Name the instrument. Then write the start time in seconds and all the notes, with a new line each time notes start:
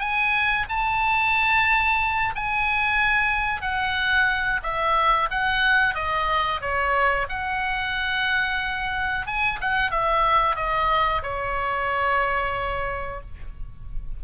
oboe
0.00 G#5
0.69 A5
2.36 G#5
3.62 F#5
4.64 E5
5.31 F#5
5.95 D#5
6.61 C#5
7.29 F#5
9.27 G#5
9.61 F#5
9.91 E5
10.56 D#5
11.23 C#5